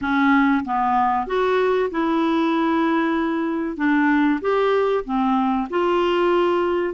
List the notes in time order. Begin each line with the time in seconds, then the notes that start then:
0.01 C#4
0.65 B3
1.26 F#4
1.90 E4
3.76 D4
4.41 G4
5.04 C4
5.70 F4